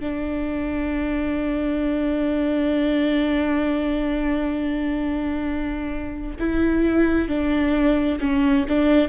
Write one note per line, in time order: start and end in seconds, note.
0.00 6.36 D4
6.39 7.29 E4
7.29 8.19 D4
8.20 8.66 C#4
8.69 9.09 D4